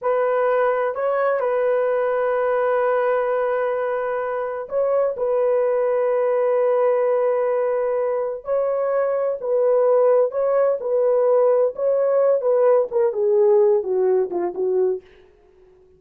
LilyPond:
\new Staff \with { instrumentName = "horn" } { \time 4/4 \tempo 4 = 128 b'2 cis''4 b'4~ | b'1~ | b'2 cis''4 b'4~ | b'1~ |
b'2 cis''2 | b'2 cis''4 b'4~ | b'4 cis''4. b'4 ais'8 | gis'4. fis'4 f'8 fis'4 | }